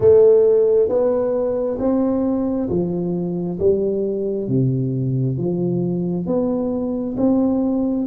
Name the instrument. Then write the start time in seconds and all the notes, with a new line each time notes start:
tuba
0.00 A3
0.88 B3
1.79 C4
2.69 F3
3.59 G3
4.48 C3
5.37 F3
6.26 B3
7.17 C4